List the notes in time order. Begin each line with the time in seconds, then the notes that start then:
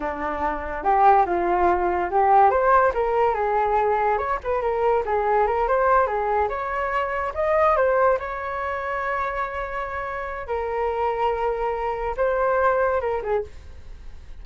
0.00 D4
0.83 G4
1.26 F4
2.10 G4
2.50 C5
2.94 A#4
3.34 G#4
4.18 C#5
4.43 B4
4.61 A#4
5.05 G#4
5.47 A#4
5.68 C5
6.06 G#4
6.48 C#5
7.34 D#5
7.76 C5
8.19 C#5
10.47 A#4
12.17 C5
13.01 A#4
13.23 G#4